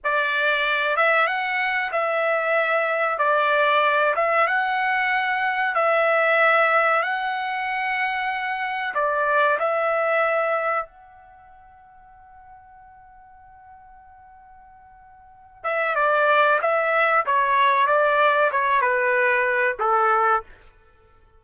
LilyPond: \new Staff \with { instrumentName = "trumpet" } { \time 4/4 \tempo 4 = 94 d''4. e''8 fis''4 e''4~ | e''4 d''4. e''8 fis''4~ | fis''4 e''2 fis''4~ | fis''2 d''4 e''4~ |
e''4 fis''2.~ | fis''1~ | fis''8 e''8 d''4 e''4 cis''4 | d''4 cis''8 b'4. a'4 | }